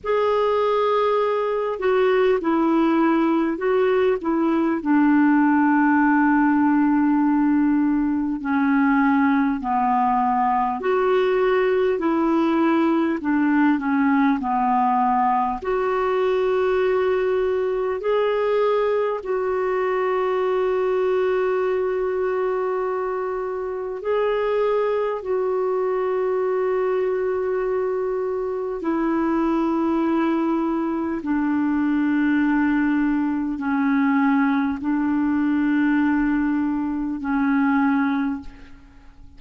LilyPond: \new Staff \with { instrumentName = "clarinet" } { \time 4/4 \tempo 4 = 50 gis'4. fis'8 e'4 fis'8 e'8 | d'2. cis'4 | b4 fis'4 e'4 d'8 cis'8 | b4 fis'2 gis'4 |
fis'1 | gis'4 fis'2. | e'2 d'2 | cis'4 d'2 cis'4 | }